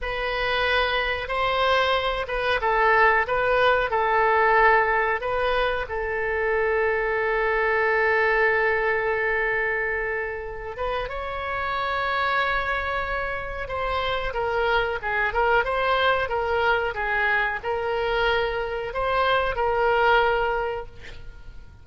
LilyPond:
\new Staff \with { instrumentName = "oboe" } { \time 4/4 \tempo 4 = 92 b'2 c''4. b'8 | a'4 b'4 a'2 | b'4 a'2.~ | a'1~ |
a'8 b'8 cis''2.~ | cis''4 c''4 ais'4 gis'8 ais'8 | c''4 ais'4 gis'4 ais'4~ | ais'4 c''4 ais'2 | }